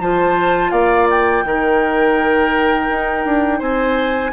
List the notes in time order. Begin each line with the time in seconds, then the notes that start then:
0.00 F3 F4 C5 A5
0.71 A#3 D5 F5
1.10 G5
1.45 D#3 D#4 A#4
2.89 D#4
3.25 D4
3.59 C4 C5 G#5